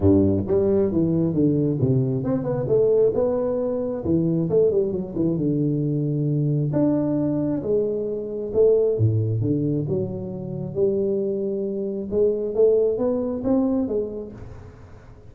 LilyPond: \new Staff \with { instrumentName = "tuba" } { \time 4/4 \tempo 4 = 134 g,4 g4 e4 d4 | c4 c'8 b8 a4 b4~ | b4 e4 a8 g8 fis8 e8 | d2. d'4~ |
d'4 gis2 a4 | a,4 d4 fis2 | g2. gis4 | a4 b4 c'4 gis4 | }